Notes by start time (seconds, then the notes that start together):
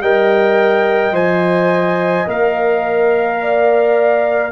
0.00 G3 A#4 D#5 G5
1.12 F3 C5 G#5
2.26 A#3 A#4 F5
3.41 D5